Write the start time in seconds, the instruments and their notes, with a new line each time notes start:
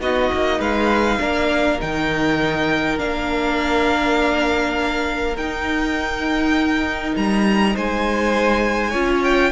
0.00 cello B3, viola D#4, violin F#4 D#5
0.33 cello A#3
0.59 cello G#3, violin B4 F5
1.19 cello A#3, viola D4, violin A#4
1.80 cello D#3, viola D#4, violin G5
2.98 cello A#3, viola D4, violin F5
5.36 cello D#4, viola D#4, violin G5
7.16 cello G3, violin A#5
7.74 cello G#3, violin C5 G#5
8.90 cello C#4, viola F4, violin C#5
9.23 violin G5